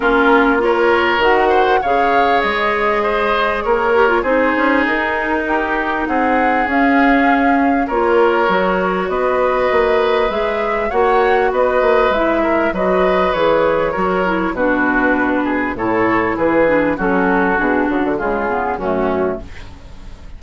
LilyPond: <<
  \new Staff \with { instrumentName = "flute" } { \time 4/4 \tempo 4 = 99 ais'4 cis''4 fis''4 f''4 | dis''2 cis''4 c''4 | ais'2 fis''4 f''4~ | f''4 cis''2 dis''4~ |
dis''4 e''4 fis''4 dis''4 | e''4 dis''4 cis''2 | b'2 cis''4 b'4 | a'4 gis'8 fis'8 gis'4 fis'4 | }
  \new Staff \with { instrumentName = "oboe" } { \time 4/4 f'4 ais'4. c''8 cis''4~ | cis''4 c''4 ais'4 gis'4~ | gis'4 g'4 gis'2~ | gis'4 ais'2 b'4~ |
b'2 cis''4 b'4~ | b'8 ais'8 b'2 ais'4 | fis'4. gis'8 a'4 gis'4 | fis'2 f'4 cis'4 | }
  \new Staff \with { instrumentName = "clarinet" } { \time 4/4 cis'4 f'4 fis'4 gis'4~ | gis'2~ gis'8 g'16 f'16 dis'4~ | dis'2. cis'4~ | cis'4 f'4 fis'2~ |
fis'4 gis'4 fis'2 | e'4 fis'4 gis'4 fis'8 e'8 | d'2 e'4. d'8 | cis'4 d'4 gis8 b8 a4 | }
  \new Staff \with { instrumentName = "bassoon" } { \time 4/4 ais2 dis4 cis4 | gis2 ais4 c'8 cis'8 | dis'2 c'4 cis'4~ | cis'4 ais4 fis4 b4 |
ais4 gis4 ais4 b8 ais8 | gis4 fis4 e4 fis4 | b,2 a,4 e4 | fis4 b,8 cis16 d16 cis4 fis,4 | }
>>